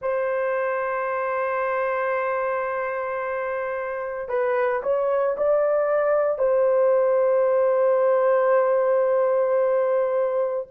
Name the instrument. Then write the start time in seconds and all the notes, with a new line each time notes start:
horn
0.01 C5
4.28 B4
4.82 C#5
5.37 D5
6.38 C5